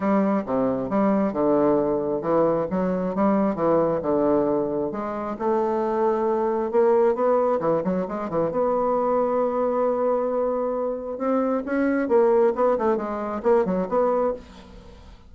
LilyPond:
\new Staff \with { instrumentName = "bassoon" } { \time 4/4 \tempo 4 = 134 g4 c4 g4 d4~ | d4 e4 fis4 g4 | e4 d2 gis4 | a2. ais4 |
b4 e8 fis8 gis8 e8 b4~ | b1~ | b4 c'4 cis'4 ais4 | b8 a8 gis4 ais8 fis8 b4 | }